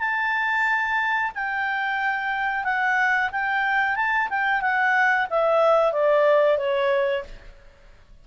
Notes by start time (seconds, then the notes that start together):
0.00 A5
1.35 G5
2.64 F#5
3.32 G5
3.96 A5
4.30 G5
4.62 F#5
5.30 E5
5.93 D5
6.58 C#5